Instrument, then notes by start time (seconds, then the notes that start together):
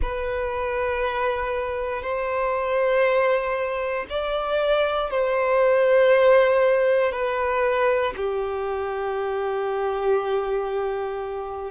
violin
0.01 B4
2.02 C5
4.09 D5
5.10 C5
7.11 B4
8.16 G4